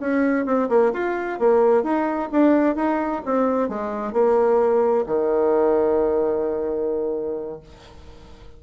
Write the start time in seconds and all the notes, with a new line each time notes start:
0.00 C#4
0.46 C4
0.69 A#3
0.93 F4
1.39 A#3
1.83 D#4
2.32 D4
2.76 D#4
3.25 C4
3.69 G#3
4.13 A#3
5.06 D#3